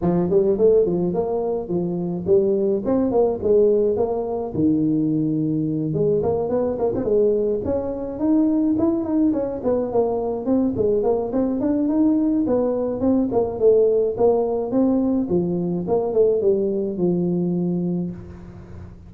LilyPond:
\new Staff \with { instrumentName = "tuba" } { \time 4/4 \tempo 4 = 106 f8 g8 a8 f8 ais4 f4 | g4 c'8 ais8 gis4 ais4 | dis2~ dis8 gis8 ais8 b8 | ais16 c'16 gis4 cis'4 dis'4 e'8 |
dis'8 cis'8 b8 ais4 c'8 gis8 ais8 | c'8 d'8 dis'4 b4 c'8 ais8 | a4 ais4 c'4 f4 | ais8 a8 g4 f2 | }